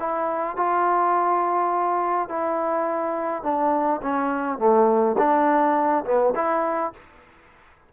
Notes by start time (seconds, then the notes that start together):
0.00 E4
0.57 F4
2.29 E4
3.43 D4
4.02 C#4
4.59 A3
5.18 D4
6.05 B3
6.35 E4